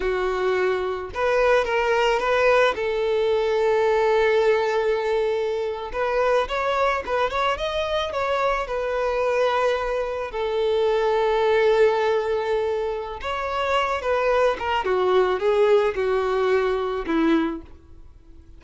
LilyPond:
\new Staff \with { instrumentName = "violin" } { \time 4/4 \tempo 4 = 109 fis'2 b'4 ais'4 | b'4 a'2.~ | a'2~ a'8. b'4 cis''16~ | cis''8. b'8 cis''8 dis''4 cis''4 b'16~ |
b'2~ b'8. a'4~ a'16~ | a'1 | cis''4. b'4 ais'8 fis'4 | gis'4 fis'2 e'4 | }